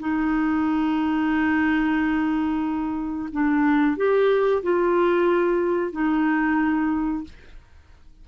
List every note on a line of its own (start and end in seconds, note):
0.00 3.30 D#4
3.33 3.97 D4
3.97 4.63 G4
4.63 5.93 F4
5.93 7.24 D#4